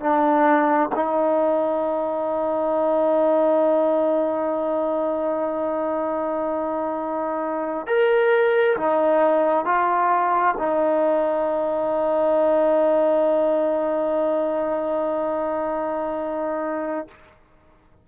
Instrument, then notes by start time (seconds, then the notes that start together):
trombone
0.00 D4
0.95 D#4
7.87 A#4
8.77 D#4
9.65 F4
10.58 D#4